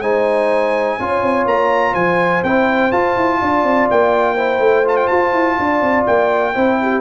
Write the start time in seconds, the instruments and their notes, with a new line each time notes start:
0.00 tuba G#3, trombone D#4, horn C5, trumpet G#5
0.99 tuba C#4, trombone F4, horn C#5
1.23 tuba C4
1.46 tuba A#3, trumpet A#5
1.92 tuba F3, horn C5, trumpet G#5
2.43 tuba C4, trombone E4, trumpet G5
2.92 trombone F4, tuba F4, trumpet A5
3.17 tuba E4
3.41 tuba D4, horn D5
3.63 tuba C4
3.90 tuba A#3, trumpet G5
4.35 trombone E4, horn C5
4.59 tuba A3
4.85 trombone F4, trumpet A5
4.97 trumpet G5
5.07 tuba F4, trumpet A5
5.33 tuba E4
5.58 tuba D4, horn D5
5.81 tuba C4
6.06 tuba A#3, trumpet G5
6.54 tuba C4, trombone E4, horn C5
6.81 horn G4